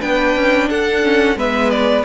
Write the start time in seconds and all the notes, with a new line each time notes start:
0.00 B3 D4 B4 G5
0.36 C#4
0.69 D4 A4 F#5
1.03 C#4
1.35 G#3 B3 B4 E5
1.70 D5